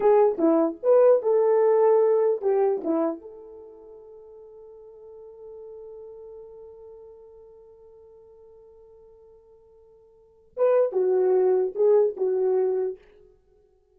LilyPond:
\new Staff \with { instrumentName = "horn" } { \time 4/4 \tempo 4 = 148 gis'4 e'4 b'4 a'4~ | a'2 g'4 e'4 | a'1~ | a'1~ |
a'1~ | a'1~ | a'2 b'4 fis'4~ | fis'4 gis'4 fis'2 | }